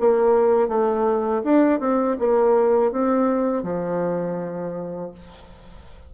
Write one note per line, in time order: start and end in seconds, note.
0.00 0.68 A#3
0.68 1.42 A3
1.44 1.80 D4
1.80 2.17 C4
2.19 2.92 A#3
2.92 3.63 C4
3.63 5.11 F3